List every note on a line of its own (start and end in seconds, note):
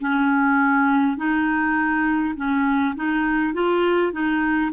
0.00 1.17 C#4
1.17 2.35 D#4
2.36 2.95 C#4
2.96 3.54 D#4
3.54 4.13 F4
4.13 4.72 D#4